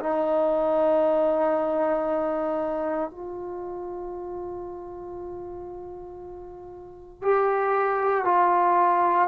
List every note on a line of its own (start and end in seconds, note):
0.00 3.10 D#4
3.11 7.23 F4
7.23 8.25 G4
8.25 9.28 F4